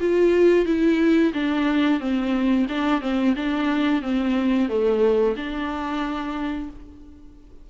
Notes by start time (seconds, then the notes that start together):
0.00 F4
0.66 E4
1.34 D4
2.00 C4
2.69 D4
3.01 C4
3.36 D4
4.02 C4
4.69 A3
5.36 D4